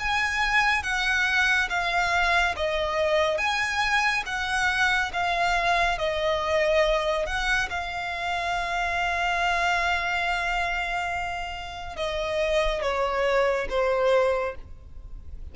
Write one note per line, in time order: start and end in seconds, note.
0.00 0.83 G#5
0.83 1.69 F#5
1.70 2.56 F5
2.57 3.38 D#5
3.38 4.24 G#5
4.26 5.12 F#5
5.14 5.99 F5
5.99 7.27 D#5
7.27 7.69 F#5
7.71 11.97 F5
11.97 12.82 D#5
12.82 13.68 C#5
13.70 14.56 C5